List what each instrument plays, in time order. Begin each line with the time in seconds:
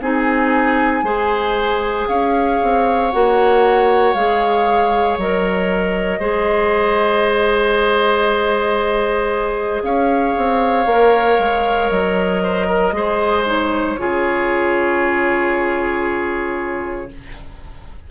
0.00 bassoon C4, clarinet D#4, oboe G#4, flute G#5
1.03 bassoon G#3, clarinet G#4, oboe C5
2.08 bassoon C#4, oboe C#5, flute F5
2.62 bassoon C4
3.11 bassoon A#3, clarinet F#4, flute F#5
4.14 bassoon G#3, clarinet G#4, flute F5
5.17 bassoon F#3, clarinet A#4, flute D#5
6.19 bassoon G#3, clarinet G#4, oboe C5
9.83 bassoon C#4, oboe C#5, flute F5
10.37 bassoon C4
10.86 bassoon A#3, clarinet A#4
11.38 bassoon G#3
11.89 bassoon F#3, flute D#5
12.43 oboe C5
12.67 oboe A#4
12.92 bassoon G#3, clarinet G#4, oboe C5
13.45 clarinet D#4, flute C#5
13.98 bassoon C#3, clarinet F4, oboe G#4